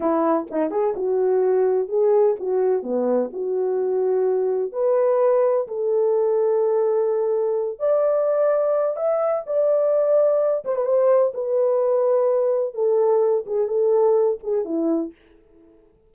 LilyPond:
\new Staff \with { instrumentName = "horn" } { \time 4/4 \tempo 4 = 127 e'4 dis'8 gis'8 fis'2 | gis'4 fis'4 b4 fis'4~ | fis'2 b'2 | a'1~ |
a'8 d''2~ d''8 e''4 | d''2~ d''8 c''16 b'16 c''4 | b'2. a'4~ | a'8 gis'8 a'4. gis'8 e'4 | }